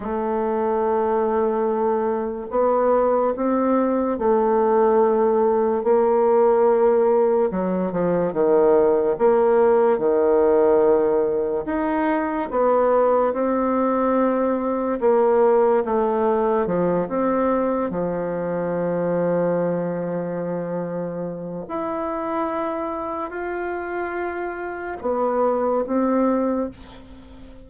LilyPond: \new Staff \with { instrumentName = "bassoon" } { \time 4/4 \tempo 4 = 72 a2. b4 | c'4 a2 ais4~ | ais4 fis8 f8 dis4 ais4 | dis2 dis'4 b4 |
c'2 ais4 a4 | f8 c'4 f2~ f8~ | f2 e'2 | f'2 b4 c'4 | }